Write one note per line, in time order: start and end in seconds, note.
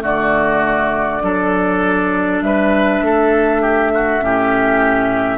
0.00 1.22 D3
0.00 1.20 A3
0.00 1.22 F#4
0.00 2.41 D5
1.21 2.40 F#3
1.21 4.20 D4
1.21 2.44 A4
2.40 3.00 G3
2.40 3.04 B4
2.40 5.38 E5
3.00 4.21 A3
3.00 3.61 A4
3.61 3.91 G4
3.94 4.24 F#4
4.20 5.38 A2
4.20 5.38 C#4
4.20 5.38 G4